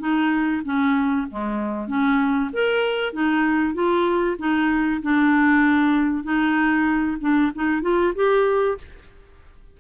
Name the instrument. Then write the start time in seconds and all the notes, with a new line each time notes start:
clarinet
0.00 D#4
0.65 C#4
1.31 G#3
1.88 C#4
2.54 A#4
3.13 D#4
3.75 F4
4.39 D#4
5.03 D4
6.24 D#4
7.21 D4
7.55 D#4
7.82 F4
8.16 G4